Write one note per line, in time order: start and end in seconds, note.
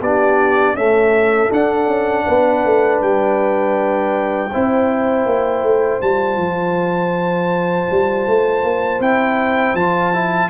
0.00 0.74 B3
0.00 0.76 D4
0.00 0.75 G4
0.00 0.76 D5
0.74 1.50 A3
0.74 1.49 C#4
0.74 2.25 A4
0.74 1.51 E5
1.50 4.50 D4
1.50 1.87 D4
1.50 3.01 F#5
1.87 2.24 C#4
2.25 2.65 B3
2.25 4.50 B4
2.65 3.01 A3
3.01 4.51 G3
3.01 6.01 G5
4.51 5.25 C4
4.51 6.01 E4
4.51 10.49 C5
5.25 5.62 A#3
5.62 6.00 A3
6.01 6.37 G3
6.01 9.01 F4
6.01 9.01 A5
6.37 7.87 F3
7.90 8.27 G3
8.27 8.63 A3
8.63 8.99 A#3
8.99 9.74 C4
8.99 9.76 E4
8.99 9.75 G5
9.74 10.49 F3
9.74 10.13 F4
9.74 10.49 A5
10.13 10.49 E4